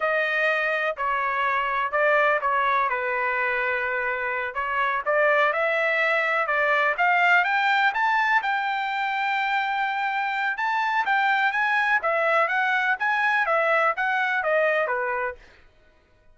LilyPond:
\new Staff \with { instrumentName = "trumpet" } { \time 4/4 \tempo 4 = 125 dis''2 cis''2 | d''4 cis''4 b'2~ | b'4. cis''4 d''4 e''8~ | e''4. d''4 f''4 g''8~ |
g''8 a''4 g''2~ g''8~ | g''2 a''4 g''4 | gis''4 e''4 fis''4 gis''4 | e''4 fis''4 dis''4 b'4 | }